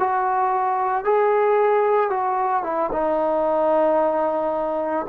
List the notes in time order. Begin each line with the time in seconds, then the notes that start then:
0.00 F#4
1.05 G#4
2.10 F#4
2.63 E4
2.93 D#4